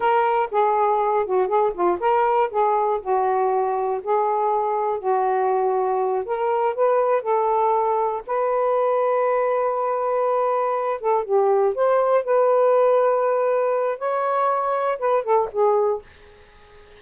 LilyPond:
\new Staff \with { instrumentName = "saxophone" } { \time 4/4 \tempo 4 = 120 ais'4 gis'4. fis'8 gis'8 f'8 | ais'4 gis'4 fis'2 | gis'2 fis'2~ | fis'8 ais'4 b'4 a'4.~ |
a'8 b'2.~ b'8~ | b'2 a'8 g'4 c''8~ | c''8 b'2.~ b'8 | cis''2 b'8 a'8 gis'4 | }